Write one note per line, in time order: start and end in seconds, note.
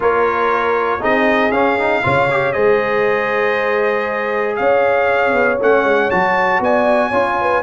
0.00 1.02 A#3
0.00 1.00 F4
0.00 1.00 A#4
0.00 1.03 C#5
1.00 1.50 C4
1.00 1.51 D#4
1.00 2.02 G#4
1.00 1.51 D#5
1.50 2.01 C#4
1.50 1.78 C#4
1.50 2.52 F5
1.78 2.03 D#4
2.03 2.56 C#3
2.03 2.28 F4
2.03 2.54 C#5
2.30 2.53 G4
2.52 4.59 G#3
2.52 5.58 G#4
2.52 4.57 C5
2.52 4.55 D#5
4.56 5.33 C#4
4.56 6.62 C#5
4.56 5.57 F5
5.33 5.58 B3
5.60 5.84 A3
5.60 6.11 C#4
5.60 6.10 F#5
5.84 6.09 G#3
6.10 6.59 F#3
6.10 7.12 F#4
6.10 6.61 A5
6.59 7.10 B3
6.59 7.09 D5
6.59 7.62 G#5
7.09 7.62 C#4
7.09 7.62 F4
7.09 7.34 C#5
7.41 7.62 B4